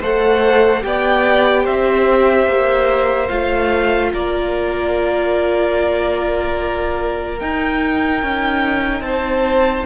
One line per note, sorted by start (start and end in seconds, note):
0.00 0.84 A3
0.00 0.80 A4
0.00 0.82 C5
0.00 0.84 F#5
0.80 1.67 B3
0.80 3.27 G4
0.80 1.64 D5
0.80 1.66 G5
1.64 2.47 C4
1.64 4.10 C5
1.64 3.28 E5
2.47 3.29 A#3
3.28 4.13 A3
3.28 7.40 F4
3.28 4.10 F5
4.13 7.41 A#3
4.13 9.04 A#4
4.13 7.39 D5
7.39 9.86 D#4
7.39 8.23 D#4
7.39 9.02 G5
8.23 9.01 C#4
9.01 9.83 C4
9.01 9.86 C5
9.01 9.84 A5